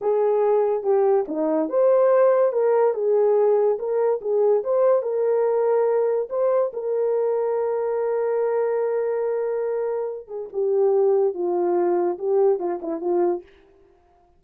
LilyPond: \new Staff \with { instrumentName = "horn" } { \time 4/4 \tempo 4 = 143 gis'2 g'4 dis'4 | c''2 ais'4 gis'4~ | gis'4 ais'4 gis'4 c''4 | ais'2. c''4 |
ais'1~ | ais'1~ | ais'8 gis'8 g'2 f'4~ | f'4 g'4 f'8 e'8 f'4 | }